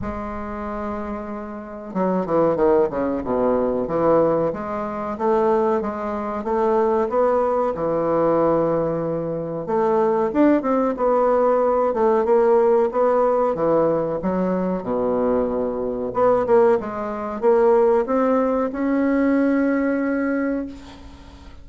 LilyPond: \new Staff \with { instrumentName = "bassoon" } { \time 4/4 \tempo 4 = 93 gis2. fis8 e8 | dis8 cis8 b,4 e4 gis4 | a4 gis4 a4 b4 | e2. a4 |
d'8 c'8 b4. a8 ais4 | b4 e4 fis4 b,4~ | b,4 b8 ais8 gis4 ais4 | c'4 cis'2. | }